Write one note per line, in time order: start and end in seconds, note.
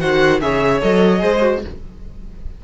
0.00 0.41 D#3
0.00 0.40 F#4
0.00 0.40 C5
0.00 0.40 F#5
0.41 0.81 C#3
0.41 0.81 G#4
0.41 1.22 C#5
0.41 0.81 E5
0.81 1.23 F#3
0.81 1.19 A4
0.81 1.62 D#5
1.19 1.64 G#3
1.19 1.39 G#4
1.19 1.62 C5
1.41 1.61 F#4